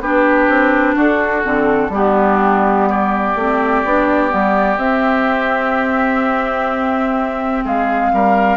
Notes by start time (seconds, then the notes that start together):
0.00 B3 D4 G4 B4
0.48 C4
0.95 D4 F#4 A4
1.43 D3 C4
1.89 G3 B3 D4 G4
2.89 G4 D5
3.36 A3 C4
3.84 B3 D4
4.29 G3 B3
4.77 C4 E5
7.64 G#3 G#4 F5
8.13 G3 A#4